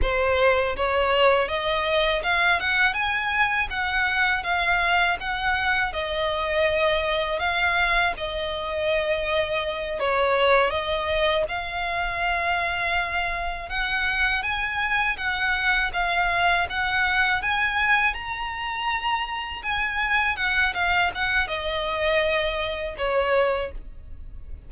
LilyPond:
\new Staff \with { instrumentName = "violin" } { \time 4/4 \tempo 4 = 81 c''4 cis''4 dis''4 f''8 fis''8 | gis''4 fis''4 f''4 fis''4 | dis''2 f''4 dis''4~ | dis''4. cis''4 dis''4 f''8~ |
f''2~ f''8 fis''4 gis''8~ | gis''8 fis''4 f''4 fis''4 gis''8~ | gis''8 ais''2 gis''4 fis''8 | f''8 fis''8 dis''2 cis''4 | }